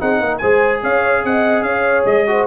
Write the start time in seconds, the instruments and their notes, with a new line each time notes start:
0.00 tuba C4, trombone D#4, horn G#4, trumpet F#5
0.20 tuba A#3, horn A#4
0.38 tuba G#3, trombone G#4, horn C5, trumpet G#5
0.83 tuba C#4, horn C#5, trumpet F5
1.24 tuba C4, horn D#5, trumpet F#5
1.62 tuba C#4, horn C#5, trumpet F5
2.06 tuba G#3, trumpet D#5
2.27 trombone F#4, horn C5